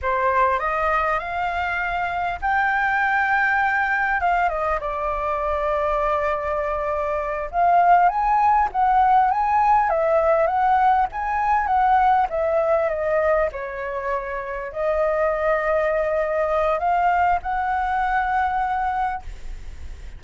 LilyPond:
\new Staff \with { instrumentName = "flute" } { \time 4/4 \tempo 4 = 100 c''4 dis''4 f''2 | g''2. f''8 dis''8 | d''1~ | d''8 f''4 gis''4 fis''4 gis''8~ |
gis''8 e''4 fis''4 gis''4 fis''8~ | fis''8 e''4 dis''4 cis''4.~ | cis''8 dis''2.~ dis''8 | f''4 fis''2. | }